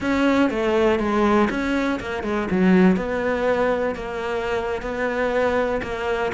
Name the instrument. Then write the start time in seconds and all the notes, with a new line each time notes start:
cello
0.00 C#4
0.50 A3
0.99 G#3
1.49 C#4
1.99 A#3
2.23 G#3
2.50 F#3
2.96 B3
3.95 A#3
4.82 B3
5.82 A#3